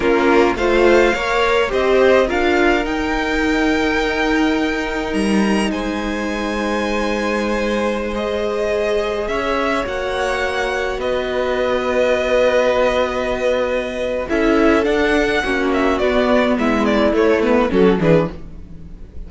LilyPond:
<<
  \new Staff \with { instrumentName = "violin" } { \time 4/4 \tempo 4 = 105 ais'4 f''2 dis''4 | f''4 g''2.~ | g''4 ais''4 gis''2~ | gis''2~ gis''16 dis''4.~ dis''16~ |
dis''16 e''4 fis''2 dis''8.~ | dis''1~ | dis''4 e''4 fis''4. e''8 | d''4 e''8 d''8 cis''8 b'8 a'8 b'8 | }
  \new Staff \with { instrumentName = "violin" } { \time 4/4 f'4 c''4 cis''4 c''4 | ais'1~ | ais'2 c''2~ | c''1~ |
c''16 cis''2. b'8.~ | b'1~ | b'4 a'2 fis'4~ | fis'4 e'2 fis'8 gis'8 | }
  \new Staff \with { instrumentName = "viola" } { \time 4/4 cis'4 f'4 ais'4 g'4 | f'4 dis'2.~ | dis'1~ | dis'2~ dis'16 gis'4.~ gis'16~ |
gis'4~ gis'16 fis'2~ fis'8.~ | fis'1~ | fis'4 e'4 d'4 cis'4 | b2 a8 b8 cis'8 d'8 | }
  \new Staff \with { instrumentName = "cello" } { \time 4/4 ais4 a4 ais4 c'4 | d'4 dis'2.~ | dis'4 g4 gis2~ | gis1~ |
gis16 cis'4 ais2 b8.~ | b1~ | b4 cis'4 d'4 ais4 | b4 gis4 a4 fis8 e8 | }
>>